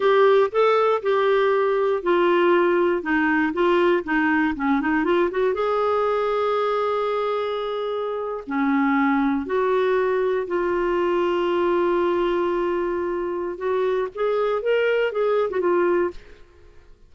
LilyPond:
\new Staff \with { instrumentName = "clarinet" } { \time 4/4 \tempo 4 = 119 g'4 a'4 g'2 | f'2 dis'4 f'4 | dis'4 cis'8 dis'8 f'8 fis'8 gis'4~ | gis'1~ |
gis'8. cis'2 fis'4~ fis'16~ | fis'8. f'2.~ f'16~ | f'2. fis'4 | gis'4 ais'4 gis'8. fis'16 f'4 | }